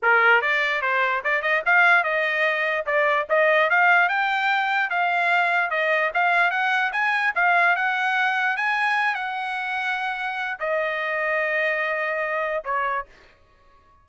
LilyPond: \new Staff \with { instrumentName = "trumpet" } { \time 4/4 \tempo 4 = 147 ais'4 d''4 c''4 d''8 dis''8 | f''4 dis''2 d''4 | dis''4 f''4 g''2 | f''2 dis''4 f''4 |
fis''4 gis''4 f''4 fis''4~ | fis''4 gis''4. fis''4.~ | fis''2 dis''2~ | dis''2. cis''4 | }